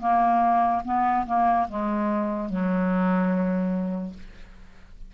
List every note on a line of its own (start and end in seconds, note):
0.00 0.82 A#3
0.85 1.26 B3
1.26 1.67 A#3
1.69 2.49 G#3
2.49 4.14 F#3